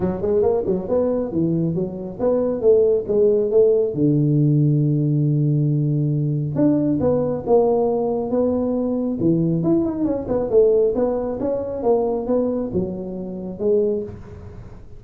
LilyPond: \new Staff \with { instrumentName = "tuba" } { \time 4/4 \tempo 4 = 137 fis8 gis8 ais8 fis8 b4 e4 | fis4 b4 a4 gis4 | a4 d2.~ | d2. d'4 |
b4 ais2 b4~ | b4 e4 e'8 dis'8 cis'8 b8 | a4 b4 cis'4 ais4 | b4 fis2 gis4 | }